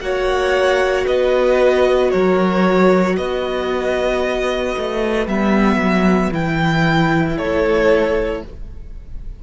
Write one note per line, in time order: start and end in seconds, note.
0.00 1.05 A#3
0.00 5.27 F#4
0.00 1.05 C#5
0.00 1.06 F#5
1.05 2.12 B3
1.05 2.10 B4
1.05 2.11 D#5
2.11 3.18 F#3
2.11 3.16 A#4
2.11 3.16 C#5
3.16 4.75 B3
3.16 7.37 B4
3.16 5.27 D#5
4.77 5.27 A3
5.27 5.75 G3
5.27 6.32 B3
5.27 6.33 E5
5.75 6.28 F#3
6.32 7.37 E3
6.32 8.42 E4
6.32 7.37 G5
7.37 8.42 A3
7.37 8.42 A4
7.37 8.43 C#5